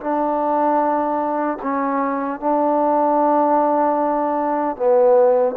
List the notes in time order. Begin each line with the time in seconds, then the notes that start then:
0.00 D4
1.62 C#4
2.40 D4
4.76 B3